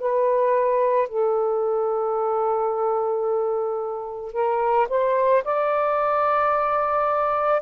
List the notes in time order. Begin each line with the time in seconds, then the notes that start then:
0.00 B4
1.09 A4
4.33 A#4
4.89 C5
5.44 D5